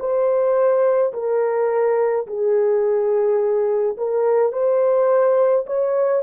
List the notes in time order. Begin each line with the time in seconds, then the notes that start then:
0.00 C5
1.13 A#4
2.27 G#4
3.98 A#4
4.53 C5
5.67 C#5